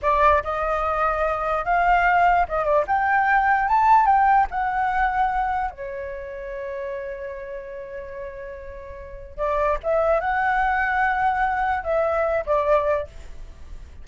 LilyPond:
\new Staff \with { instrumentName = "flute" } { \time 4/4 \tempo 4 = 147 d''4 dis''2. | f''2 dis''8 d''8 g''4~ | g''4 a''4 g''4 fis''4~ | fis''2 cis''2~ |
cis''1~ | cis''2. d''4 | e''4 fis''2.~ | fis''4 e''4. d''4. | }